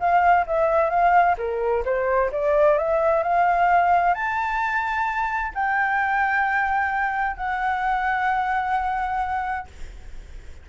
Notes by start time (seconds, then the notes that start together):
0.00 F5
0.47 E5
0.90 F5
1.38 A#4
1.85 C5
2.32 D5
2.78 E5
3.23 F5
4.15 A5
5.55 G5
7.37 F#5